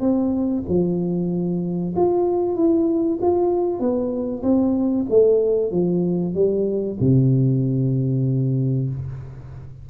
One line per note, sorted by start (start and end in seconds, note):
0.00 0.63 C4
0.68 1.94 F3
1.96 2.56 F4
2.56 3.19 E4
3.22 3.79 F4
3.79 4.42 B3
4.43 5.06 C4
5.10 5.71 A3
5.71 6.34 F3
6.34 6.98 G3
7.00 8.89 C3